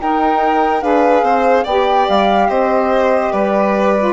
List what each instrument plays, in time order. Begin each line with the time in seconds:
0.00 bassoon D#4, saxophone D#4, violin A#4, flute G5
0.81 bassoon D4, saxophone G#4, violin B4, flute F5
1.22 bassoon C4, violin C5
1.64 bassoon B3, saxophone G4, violin D5, flute G5
2.08 bassoon G3, flute F5
2.49 bassoon C4, violin C5, flute D#5
3.31 bassoon G3, violin B4, flute D5
3.98 saxophone F4